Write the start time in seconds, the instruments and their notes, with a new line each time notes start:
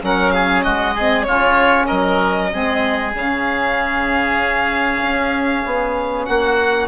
0.00 bassoon F#3, saxophone C#4, oboe A#4, violin F#5
0.31 oboe G#4, violin F5
0.63 bassoon G#3, oboe F#4, violin D#5
0.94 saxophone C4, oboe G#4
1.23 bassoon C#3, saxophone C#4, oboe F4, violin C#5
1.87 bassoon F#3, oboe A#4, violin D#5
2.51 bassoon G#3, saxophone C4, oboe G#4
3.14 bassoon C#3, saxophone C#4, violin F5
5.02 bassoon C#4
5.65 bassoon B3
6.25 bassoon A#3, oboe F#4, violin F#5